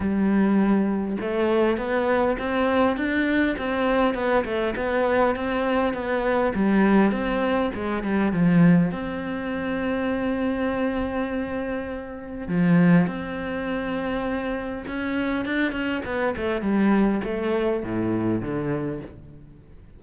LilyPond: \new Staff \with { instrumentName = "cello" } { \time 4/4 \tempo 4 = 101 g2 a4 b4 | c'4 d'4 c'4 b8 a8 | b4 c'4 b4 g4 | c'4 gis8 g8 f4 c'4~ |
c'1~ | c'4 f4 c'2~ | c'4 cis'4 d'8 cis'8 b8 a8 | g4 a4 a,4 d4 | }